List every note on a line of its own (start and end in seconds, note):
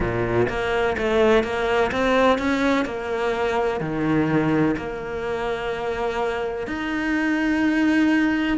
0.00 0.47 A#2
0.48 0.96 A#3
0.97 1.43 A3
1.43 1.91 A#3
1.91 2.38 C4
2.38 2.85 C#4
2.85 3.80 A#3
3.80 4.75 D#3
4.76 6.67 A#3
6.67 8.57 D#4